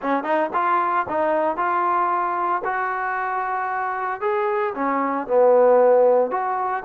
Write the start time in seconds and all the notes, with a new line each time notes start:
0.02 C#4
0.23 D#4
0.53 F4
1.08 D#4
1.56 F4
2.64 F#4
4.20 G#4
4.74 C#4
5.27 B3
6.30 F#4